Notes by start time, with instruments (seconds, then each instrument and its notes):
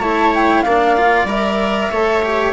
0.00 bassoon A3, cello E4, viola C#5, flute A5
0.35 flute G5
0.63 bassoon A#3, cello D4, viola D5, flute F5
0.97 cello F4
1.25 bassoon G3, cello A#4, flute E5
1.91 bassoon A3, cello A4, viola C#5
2.23 cello G4